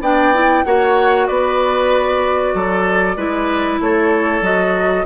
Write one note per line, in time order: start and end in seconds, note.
0.00 0.63 B3
0.00 0.34 D4
0.00 0.64 D5
0.00 0.64 G5
0.34 0.65 E4
0.64 1.28 A#3
0.64 3.17 F#4
0.64 1.27 C#5
0.64 1.27 F#5
1.27 2.54 B3
1.27 2.54 B4
1.27 3.79 D5
2.54 3.16 F#3
2.54 3.16 A4
3.16 3.79 G#3
3.16 4.42 E4
3.16 3.80 B4
3.80 4.41 A3
3.80 5.06 A4
3.80 4.43 C#5
4.41 5.04 F#3
4.41 5.06 F#4
4.41 5.06 D#5